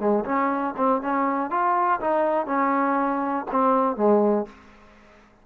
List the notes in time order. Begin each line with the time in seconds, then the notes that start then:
0.00 G#3
0.25 C#4
0.77 C4
1.02 C#4
1.51 F4
2.01 D#4
2.47 C#4
3.52 C4
3.97 G#3